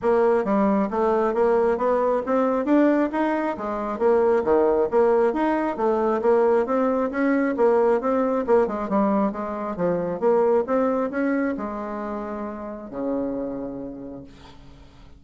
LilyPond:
\new Staff \with { instrumentName = "bassoon" } { \time 4/4 \tempo 4 = 135 ais4 g4 a4 ais4 | b4 c'4 d'4 dis'4 | gis4 ais4 dis4 ais4 | dis'4 a4 ais4 c'4 |
cis'4 ais4 c'4 ais8 gis8 | g4 gis4 f4 ais4 | c'4 cis'4 gis2~ | gis4 cis2. | }